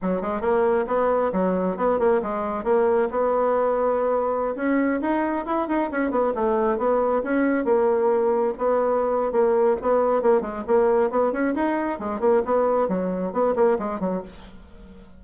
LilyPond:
\new Staff \with { instrumentName = "bassoon" } { \time 4/4 \tempo 4 = 135 fis8 gis8 ais4 b4 fis4 | b8 ais8 gis4 ais4 b4~ | b2~ b16 cis'4 dis'8.~ | dis'16 e'8 dis'8 cis'8 b8 a4 b8.~ |
b16 cis'4 ais2 b8.~ | b4 ais4 b4 ais8 gis8 | ais4 b8 cis'8 dis'4 gis8 ais8 | b4 fis4 b8 ais8 gis8 fis8 | }